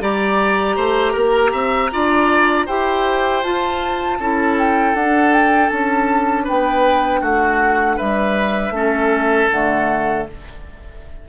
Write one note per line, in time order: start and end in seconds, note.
0.00 0.76 G3
0.00 1.90 G4
0.00 0.76 D5
0.00 2.67 A#5
0.76 1.14 A3
0.76 1.13 C5
1.13 1.53 A#3
1.13 1.51 A#4
1.52 1.91 C4
1.52 1.90 E5
1.91 2.68 D4
1.91 2.67 F4
1.91 2.66 D5
2.66 3.44 E4
2.66 3.43 G4
2.66 4.18 C5
2.66 3.43 G5
3.43 4.19 F4
3.43 4.56 A5
4.19 4.94 C#4
4.19 4.97 E4
4.19 6.44 A4
4.58 4.95 G5
4.94 5.70 D4
4.94 8.74 D4
4.94 5.33 F#5
5.33 5.69 G5
5.69 6.47 C#4
5.69 6.45 A5
6.44 7.22 B3
6.44 7.20 B4
6.44 7.23 G5
7.21 7.97 A3
7.21 7.97 F#4
7.21 7.98 F#5
7.97 8.70 G3
7.97 8.72 B4
7.97 9.50 E5
8.70 9.46 A3
8.70 9.50 C#4
8.70 10.27 A4
9.51 10.28 D3
9.51 10.28 A3
9.51 10.27 F#5